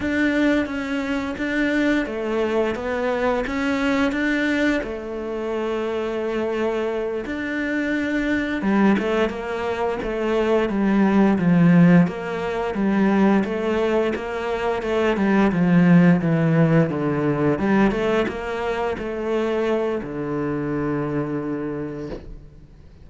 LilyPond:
\new Staff \with { instrumentName = "cello" } { \time 4/4 \tempo 4 = 87 d'4 cis'4 d'4 a4 | b4 cis'4 d'4 a4~ | a2~ a8 d'4.~ | d'8 g8 a8 ais4 a4 g8~ |
g8 f4 ais4 g4 a8~ | a8 ais4 a8 g8 f4 e8~ | e8 d4 g8 a8 ais4 a8~ | a4 d2. | }